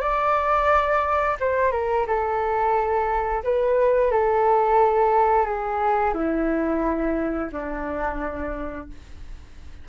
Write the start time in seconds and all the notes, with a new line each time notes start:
0.00 D5
1.40 C5
1.71 A#4
2.07 A4
3.43 B4
4.11 A4
5.45 G#4
6.14 E4
7.52 D4